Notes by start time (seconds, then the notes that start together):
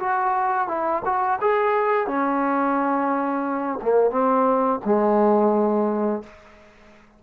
0.00 F#4
0.68 E4
1.05 F#4
1.41 G#4
2.08 C#4
3.82 A#3
4.11 C4
4.85 G#3